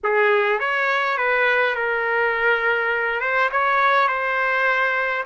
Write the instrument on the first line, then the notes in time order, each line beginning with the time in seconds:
trumpet
0.03 G#4
0.59 C#5
1.17 B4
1.75 A#4
3.20 C5
3.51 C#5
4.08 C5